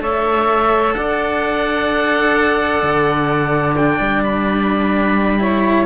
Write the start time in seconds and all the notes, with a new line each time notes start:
0.00 A3 A4 C#5 E5
0.94 D4 D5 F#5
2.83 D3
3.77 D4 G5
4.00 G3
4.24 B5
5.39 E4 C#5